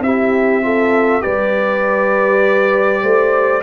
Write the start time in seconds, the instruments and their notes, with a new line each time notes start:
0.00 tuba C4, trombone E4, horn G4, trumpet E5
0.62 trombone F4, horn A4
1.21 tuba G3, trombone G4, horn B4, trumpet D5
3.02 tuba A3, horn C5